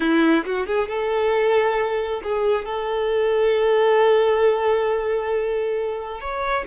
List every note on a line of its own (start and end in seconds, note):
0.00 0.44 E4
0.45 0.66 F#4
0.66 0.88 G#4
0.88 2.21 A4
2.23 2.65 G#4
2.65 6.20 A4
6.20 6.64 C#5